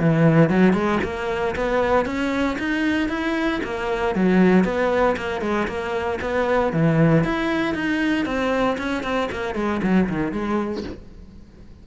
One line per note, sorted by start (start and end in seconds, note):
0.00 0.50 E3
0.50 0.73 F#3
0.73 0.99 G#3
1.03 1.55 A#3
1.55 2.05 B3
2.05 2.57 C#4
2.59 3.09 D#4
3.09 3.61 E4
3.64 4.15 A#3
4.15 4.64 F#3
4.64 5.16 B3
5.17 5.41 A#3
5.41 5.67 G#3
5.67 6.19 A#3
6.21 6.73 B3
6.73 7.24 E3
7.24 7.74 E4
7.74 8.25 D#4
8.25 8.77 C4
8.78 9.03 C#4
9.03 9.29 C4
9.32 9.55 A#3
9.55 9.81 G#3
9.83 10.09 F#3
10.09 10.32 D#3
10.32 10.84 G#3